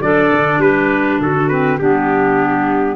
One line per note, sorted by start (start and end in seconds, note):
0.00 0.30 F#3
0.00 1.49 D4
0.00 0.61 A4
0.00 0.61 D5
0.33 0.58 D3
0.58 1.17 G3
0.58 1.20 G4
0.58 1.20 B4
1.20 1.81 D3
1.20 1.78 F#4
1.20 1.49 A4
1.49 1.79 C4
1.49 1.78 B4
1.78 2.96 G3
1.78 2.96 B3
1.78 2.96 D4
1.78 2.96 G4